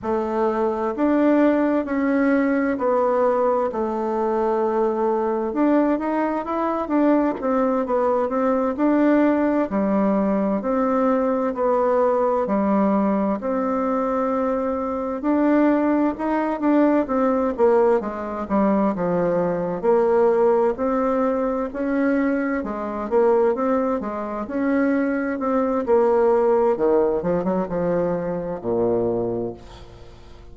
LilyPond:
\new Staff \with { instrumentName = "bassoon" } { \time 4/4 \tempo 4 = 65 a4 d'4 cis'4 b4 | a2 d'8 dis'8 e'8 d'8 | c'8 b8 c'8 d'4 g4 c'8~ | c'8 b4 g4 c'4.~ |
c'8 d'4 dis'8 d'8 c'8 ais8 gis8 | g8 f4 ais4 c'4 cis'8~ | cis'8 gis8 ais8 c'8 gis8 cis'4 c'8 | ais4 dis8 f16 fis16 f4 ais,4 | }